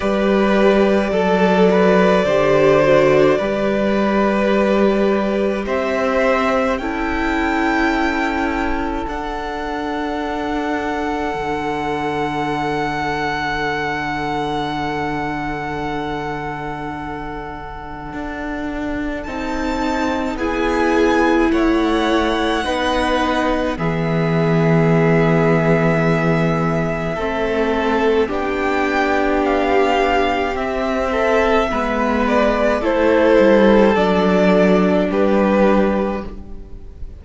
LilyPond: <<
  \new Staff \with { instrumentName = "violin" } { \time 4/4 \tempo 4 = 53 d''1~ | d''4 e''4 g''2 | fis''1~ | fis''1~ |
fis''4 a''4 gis''4 fis''4~ | fis''4 e''2.~ | e''4 g''4 f''4 e''4~ | e''8 d''8 c''4 d''4 b'4 | }
  \new Staff \with { instrumentName = "violin" } { \time 4/4 b'4 a'8 b'8 c''4 b'4~ | b'4 c''4 a'2~ | a'1~ | a'1~ |
a'2 gis'4 cis''4 | b'4 gis'2. | a'4 g'2~ g'8 a'8 | b'4 a'2 g'4 | }
  \new Staff \with { instrumentName = "viola" } { \time 4/4 g'4 a'4 g'8 fis'8 g'4~ | g'2 e'2 | d'1~ | d'1~ |
d'4 dis'4 e'2 | dis'4 b2. | c'4 d'2 c'4 | b4 e'4 d'2 | }
  \new Staff \with { instrumentName = "cello" } { \time 4/4 g4 fis4 d4 g4~ | g4 c'4 cis'2 | d'2 d2~ | d1 |
d'4 c'4 b4 a4 | b4 e2. | a4 b2 c'4 | gis4 a8 g8 fis4 g4 | }
>>